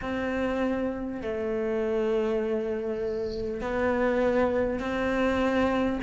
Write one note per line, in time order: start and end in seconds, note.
0.01 1.21 C4
1.21 3.61 A3
3.61 4.79 B3
4.79 5.99 C4